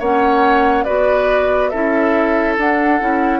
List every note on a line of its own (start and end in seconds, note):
0.00 0.86 A#3
0.00 0.86 C#4
0.00 0.85 C#5
0.00 0.85 F#5
0.85 1.74 B3
0.85 1.72 F#4
0.85 1.71 B4
0.85 1.69 D5
1.69 2.58 C#4
1.69 2.59 E4
1.69 3.40 A4
1.69 2.55 E5
2.58 3.01 D4
2.58 3.40 F#5
3.01 3.40 C#4
3.01 3.40 E4